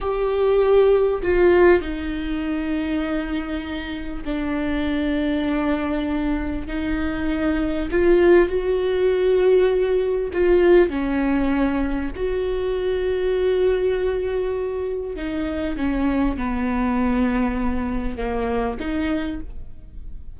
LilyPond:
\new Staff \with { instrumentName = "viola" } { \time 4/4 \tempo 4 = 99 g'2 f'4 dis'4~ | dis'2. d'4~ | d'2. dis'4~ | dis'4 f'4 fis'2~ |
fis'4 f'4 cis'2 | fis'1~ | fis'4 dis'4 cis'4 b4~ | b2 ais4 dis'4 | }